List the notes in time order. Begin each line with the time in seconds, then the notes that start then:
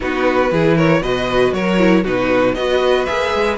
0.00 B3 D#4 F#4 B4
0.51 E3 E4 G#4
0.75 A#4 C#5
1.01 B2 F#4 B4 D#5
1.53 F#3 A#4 C#5
1.78 E4
2.03 B2 D#4 F#4 B4
2.54 B3 F#4 B4 D#5
3.05 A#3 G#4 E5
3.33 G#3